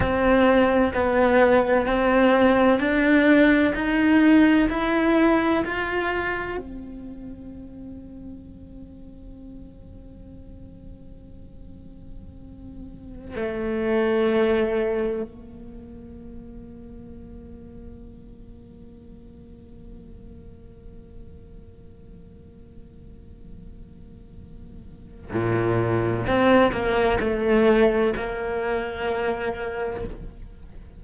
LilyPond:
\new Staff \with { instrumentName = "cello" } { \time 4/4 \tempo 4 = 64 c'4 b4 c'4 d'4 | dis'4 e'4 f'4 c'4~ | c'1~ | c'2~ c'16 a4.~ a16~ |
a16 ais2.~ ais8.~ | ais1~ | ais2. ais,4 | c'8 ais8 a4 ais2 | }